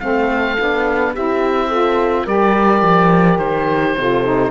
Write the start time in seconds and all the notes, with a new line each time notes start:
0.00 A3 C4 A4 F5
0.58 B3 D4
1.14 C4 E4 G4 E5
1.68 F4 A4
2.24 G3 G4 A#4 D5
2.82 F3
3.38 D#3 C5
3.97 C3 F4 A4
4.24 D#4